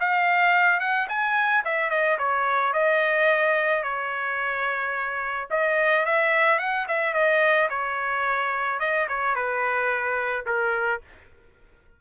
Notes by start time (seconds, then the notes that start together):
0.00 F5
0.80 F#5
1.09 G#5
1.65 E5
1.90 D#5
2.19 C#5
2.73 D#5
3.83 C#5
5.51 D#5
6.06 E5
6.59 F#5
6.88 E5
7.14 D#5
7.70 C#5
8.80 D#5
9.09 C#5
9.35 B4
10.46 A#4